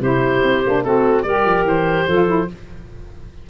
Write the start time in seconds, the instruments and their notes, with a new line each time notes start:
0.00 tuba C3, saxophone E4, clarinet G4, oboe C5
0.43 tuba C4
0.66 tuba A#3, saxophone D4
0.84 tuba A3, saxophone C4, clarinet F#4, oboe A4
1.23 tuba G3, saxophone G4, clarinet A#4, oboe D5
1.45 tuba F3
1.65 tuba E3, oboe C5
2.07 tuba F3, saxophone F4, clarinet A4
2.27 saxophone E4